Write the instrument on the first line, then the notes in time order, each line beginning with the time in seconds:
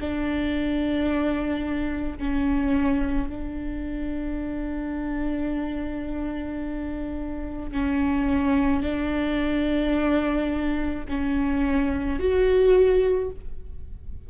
viola
0.00 D4
2.18 C#4
3.29 D4
7.72 C#4
8.82 D4
11.08 C#4
12.19 F#4